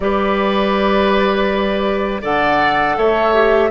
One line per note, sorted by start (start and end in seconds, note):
0.00 2.21 G3
0.00 2.22 G4
0.00 2.21 B4
0.00 2.21 D5
2.21 2.97 D3
2.21 3.33 A4
2.21 2.95 D5
2.21 2.97 F#5
2.97 3.71 A3
2.97 3.71 C#5
2.97 3.71 E5
3.33 3.70 G4